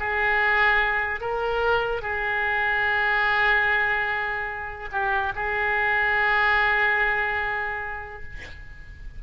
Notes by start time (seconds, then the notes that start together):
0.00 G#4
1.21 A#4
2.02 G#4
4.92 G4
5.36 G#4